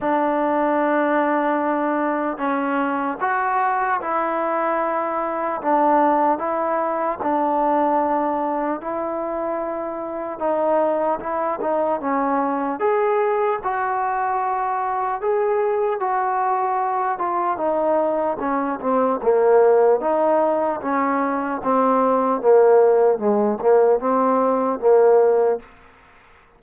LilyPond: \new Staff \with { instrumentName = "trombone" } { \time 4/4 \tempo 4 = 75 d'2. cis'4 | fis'4 e'2 d'4 | e'4 d'2 e'4~ | e'4 dis'4 e'8 dis'8 cis'4 |
gis'4 fis'2 gis'4 | fis'4. f'8 dis'4 cis'8 c'8 | ais4 dis'4 cis'4 c'4 | ais4 gis8 ais8 c'4 ais4 | }